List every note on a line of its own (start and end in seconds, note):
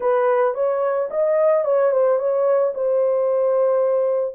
0.00 0.54 B4
0.54 1.08 C#5
1.10 1.65 D#5
1.65 1.91 C#5
1.91 2.18 C5
2.18 2.73 C#5
2.74 4.35 C5